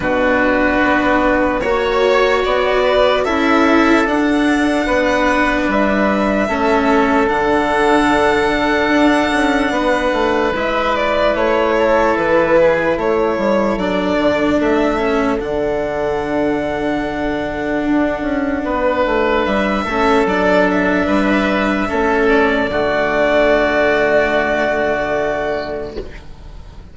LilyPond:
<<
  \new Staff \with { instrumentName = "violin" } { \time 4/4 \tempo 4 = 74 b'2 cis''4 d''4 | e''4 fis''2 e''4~ | e''4 fis''2.~ | fis''4 e''8 d''8 cis''4 b'4 |
cis''4 d''4 e''4 fis''4~ | fis''1 | e''4 d''8 e''2 d''8~ | d''1 | }
  \new Staff \with { instrumentName = "oboe" } { \time 4/4 fis'2 cis''4. b'8 | a'2 b'2 | a'1 | b'2~ b'8 a'4 gis'8 |
a'1~ | a'2. b'4~ | b'8 a'4. b'4 a'4 | fis'1 | }
  \new Staff \with { instrumentName = "cello" } { \time 4/4 d'2 fis'2 | e'4 d'2. | cis'4 d'2.~ | d'4 e'2.~ |
e'4 d'4. cis'8 d'4~ | d'1~ | d'8 cis'8 d'2 cis'4 | a1 | }
  \new Staff \with { instrumentName = "bassoon" } { \time 4/4 b,4 b4 ais4 b4 | cis'4 d'4 b4 g4 | a4 d2 d'8 cis'8 | b8 a8 gis4 a4 e4 |
a8 g8 fis8 d8 a4 d4~ | d2 d'8 cis'8 b8 a8 | g8 a8 fis4 g4 a4 | d1 | }
>>